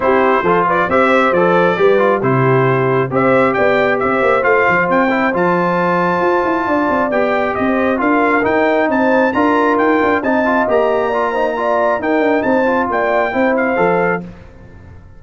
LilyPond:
<<
  \new Staff \with { instrumentName = "trumpet" } { \time 4/4 \tempo 4 = 135 c''4. d''8 e''4 d''4~ | d''4 c''2 e''4 | g''4 e''4 f''4 g''4 | a''1 |
g''4 dis''4 f''4 g''4 | a''4 ais''4 g''4 a''4 | ais''2. g''4 | a''4 g''4. f''4. | }
  \new Staff \with { instrumentName = "horn" } { \time 4/4 g'4 a'8 b'8 c''2 | b'4 g'2 c''4 | d''4 c''2.~ | c''2. d''4~ |
d''4 c''4 ais'2 | c''4 ais'2 dis''4~ | dis''4 d''8 c''8 d''4 ais'4 | c''4 d''4 c''2 | }
  \new Staff \with { instrumentName = "trombone" } { \time 4/4 e'4 f'4 g'4 a'4 | g'8 f'8 e'2 g'4~ | g'2 f'4. e'8 | f'1 |
g'2 f'4 dis'4~ | dis'4 f'2 dis'8 f'8 | g'4 f'8 dis'8 f'4 dis'4~ | dis'8 f'4. e'4 a'4 | }
  \new Staff \with { instrumentName = "tuba" } { \time 4/4 c'4 f4 c'4 f4 | g4 c2 c'4 | b4 c'8 ais8 a8 f8 c'4 | f2 f'8 e'8 d'8 c'8 |
b4 c'4 d'4 dis'4 | c'4 d'4 dis'8 d'8 c'4 | ais2. dis'8 d'8 | c'4 ais4 c'4 f4 | }
>>